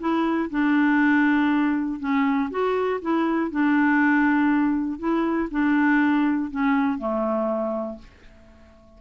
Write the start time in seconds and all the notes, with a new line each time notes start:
0.00 E4
0.51 D4
2.00 C#4
2.51 F#4
3.02 E4
3.51 D4
4.99 E4
5.51 D4
6.51 C#4
6.99 A3